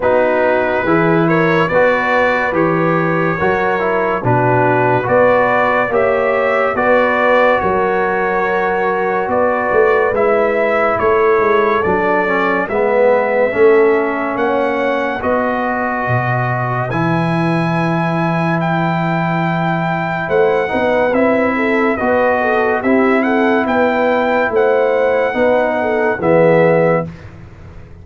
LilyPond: <<
  \new Staff \with { instrumentName = "trumpet" } { \time 4/4 \tempo 4 = 71 b'4. cis''8 d''4 cis''4~ | cis''4 b'4 d''4 e''4 | d''4 cis''2 d''4 | e''4 cis''4 d''4 e''4~ |
e''4 fis''4 dis''2 | gis''2 g''2 | fis''4 e''4 dis''4 e''8 fis''8 | g''4 fis''2 e''4 | }
  \new Staff \with { instrumentName = "horn" } { \time 4/4 fis'4 gis'8 ais'8 b'2 | ais'4 fis'4 b'4 cis''4 | b'4 ais'2 b'4~ | b'4 a'2 b'4 |
a'4 cis''4 b'2~ | b'1 | c''8 b'4 a'8 b'8 a'8 g'8 a'8 | b'4 c''4 b'8 a'8 gis'4 | }
  \new Staff \with { instrumentName = "trombone" } { \time 4/4 dis'4 e'4 fis'4 g'4 | fis'8 e'8 d'4 fis'4 g'4 | fis'1 | e'2 d'8 cis'8 b4 |
cis'2 fis'2 | e'1~ | e'8 dis'8 e'4 fis'4 e'4~ | e'2 dis'4 b4 | }
  \new Staff \with { instrumentName = "tuba" } { \time 4/4 b4 e4 b4 e4 | fis4 b,4 b4 ais4 | b4 fis2 b8 a8 | gis4 a8 gis8 fis4 gis4 |
a4 ais4 b4 b,4 | e1 | a8 b8 c'4 b4 c'4 | b4 a4 b4 e4 | }
>>